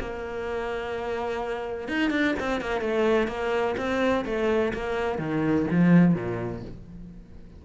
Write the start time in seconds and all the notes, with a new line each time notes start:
0.00 A#3
1.88 D#4
2.11 D4
2.40 C4
2.61 A#3
2.81 A3
3.28 A#3
3.77 C4
4.25 A3
4.74 A#3
5.18 D#3
5.71 F3
6.14 A#2